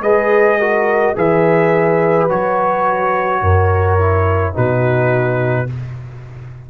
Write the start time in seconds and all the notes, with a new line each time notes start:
0.00 G#3 G#4 B4 D#5
0.59 F#4 A#4
1.15 E3 G#4 B4 E5
2.29 F#3 F#4 C#5
3.41 F#2 A#4
3.99 E4
4.53 B2 D#4 F#4 B4